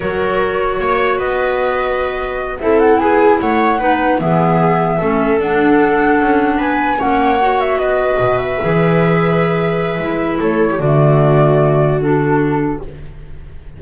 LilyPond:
<<
  \new Staff \with { instrumentName = "flute" } { \time 4/4 \tempo 4 = 150 cis''2. dis''4~ | dis''2~ dis''8 e''8 fis''8 gis''8~ | gis''8 fis''2 e''4.~ | e''4. fis''2~ fis''8~ |
fis''8 gis''4 fis''4. e''8 dis''8~ | dis''4 e''2.~ | e''2 cis''4 d''4~ | d''2 a'2 | }
  \new Staff \with { instrumentName = "viola" } { \time 4/4 ais'2 cis''4 b'4~ | b'2~ b'8 a'4 gis'8~ | gis'8 cis''4 b'4 gis'4.~ | gis'8 a'2.~ a'8~ |
a'8 b'4 cis''2 b'8~ | b'1~ | b'2 a'8. g'16 fis'4~ | fis'1 | }
  \new Staff \with { instrumentName = "clarinet" } { \time 4/4 fis'1~ | fis'2~ fis'8 e'4.~ | e'4. dis'4 b4.~ | b8 cis'4 d'2~ d'8~ |
d'4. cis'4 fis'4.~ | fis'4. gis'2~ gis'8~ | gis'4 e'2 a4~ | a2 d'2 | }
  \new Staff \with { instrumentName = "double bass" } { \time 4/4 fis2 ais4 b4~ | b2~ b8 c'4 b8~ | b8 a4 b4 e4.~ | e8 a4 d'2 cis'8~ |
cis'8 b4 ais2 b8~ | b8 b,4 e2~ e8~ | e4 gis4 a4 d4~ | d1 | }
>>